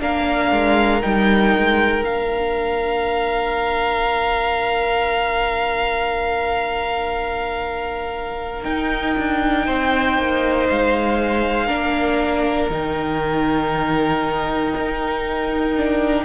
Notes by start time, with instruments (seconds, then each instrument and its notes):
0.00 cello A#3, viola D4, violin A#4 F5
0.51 cello G#3
1.02 cello G3, viola D#4, violin G5
1.56 cello G#3
2.04 cello A#3, viola D4, violin F5
8.64 viola D#4, cello D#4, violin G5
9.18 cello D4
9.66 cello C4, violin C5
10.18 cello A#3
10.69 cello G#3, violin F5
11.66 cello A#3, viola D4, violin A#4
12.70 cello D#3, viola D#4, violin G5
14.76 cello D#4
15.78 viola D4